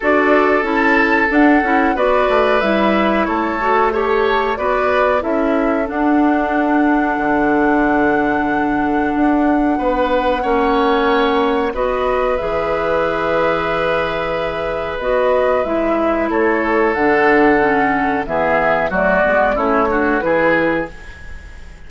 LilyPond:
<<
  \new Staff \with { instrumentName = "flute" } { \time 4/4 \tempo 4 = 92 d''4 a''4 fis''4 d''4 | e''4 cis''4 a'4 d''4 | e''4 fis''2.~ | fis''1~ |
fis''2 dis''4 e''4~ | e''2. dis''4 | e''4 cis''4 fis''2 | e''4 d''4 cis''4 b'4 | }
  \new Staff \with { instrumentName = "oboe" } { \time 4/4 a'2. b'4~ | b'4 a'4 cis''4 b'4 | a'1~ | a'2. b'4 |
cis''2 b'2~ | b'1~ | b'4 a'2. | gis'4 fis'4 e'8 fis'8 gis'4 | }
  \new Staff \with { instrumentName = "clarinet" } { \time 4/4 fis'4 e'4 d'8 e'8 fis'4 | e'4. fis'8 g'4 fis'4 | e'4 d'2.~ | d'1 |
cis'2 fis'4 gis'4~ | gis'2. fis'4 | e'2 d'4 cis'4 | b4 a8 b8 cis'8 d'8 e'4 | }
  \new Staff \with { instrumentName = "bassoon" } { \time 4/4 d'4 cis'4 d'8 cis'8 b8 a8 | g4 a2 b4 | cis'4 d'2 d4~ | d2 d'4 b4 |
ais2 b4 e4~ | e2. b4 | gis4 a4 d2 | e4 fis8 gis8 a4 e4 | }
>>